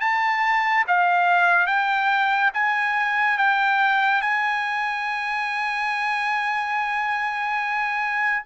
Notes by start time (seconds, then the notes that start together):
0.00 A5
0.87 F5
1.67 G5
2.54 G#5
3.38 G5
4.21 G#5